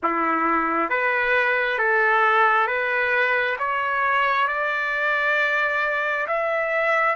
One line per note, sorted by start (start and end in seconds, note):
0.02 0.90 E4
0.90 1.78 B4
1.78 2.67 A4
2.67 3.57 B4
3.59 4.47 C#5
4.47 6.26 D5
6.27 7.15 E5